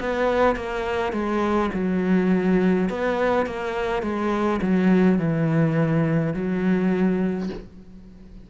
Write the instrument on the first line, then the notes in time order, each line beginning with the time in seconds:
cello
0.00 B3
0.56 A#3
1.13 G#3
1.74 F#3
2.90 B3
3.47 A#3
4.03 G#3
4.62 F#3
5.19 E3
6.34 F#3